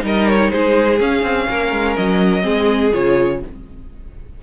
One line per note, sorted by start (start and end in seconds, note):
0.00 0.52 G3
0.00 0.97 D#4
0.00 0.51 A#4
0.06 0.28 D#5
0.28 0.51 C#5
0.51 1.00 G#3
0.51 1.48 G#4
0.51 0.99 C5
1.00 1.23 C#4
1.00 2.42 C#4
1.00 1.96 F5
1.23 1.47 C4
1.49 1.72 A#3
1.49 2.43 A#4
1.72 1.96 G#3
1.96 2.45 F#3
1.96 2.93 D#5
2.42 2.93 G#3
2.42 2.90 C4
2.42 3.40 G#4
2.93 3.43 C#3
2.93 3.42 F4
2.93 3.42 C#5